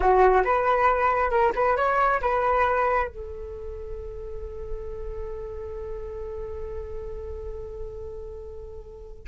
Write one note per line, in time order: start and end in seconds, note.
0.00 0.43 F#4
0.44 1.30 B4
1.30 1.52 A#4
1.55 1.76 B4
1.76 2.21 C#5
2.21 3.08 B4
3.08 9.25 A4